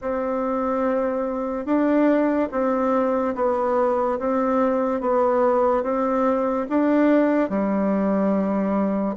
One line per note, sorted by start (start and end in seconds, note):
0.01 1.65 C4
1.65 2.48 D4
2.51 3.34 C4
3.35 4.18 B3
4.19 5.00 C4
5.00 5.83 B3
5.83 6.66 C4
6.69 7.49 D4
7.49 9.16 G3